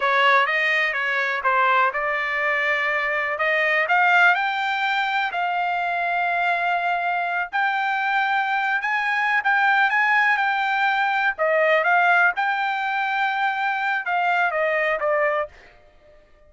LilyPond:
\new Staff \with { instrumentName = "trumpet" } { \time 4/4 \tempo 4 = 124 cis''4 dis''4 cis''4 c''4 | d''2. dis''4 | f''4 g''2 f''4~ | f''2.~ f''8 g''8~ |
g''2~ g''16 gis''4~ gis''16 g''8~ | g''8 gis''4 g''2 dis''8~ | dis''8 f''4 g''2~ g''8~ | g''4 f''4 dis''4 d''4 | }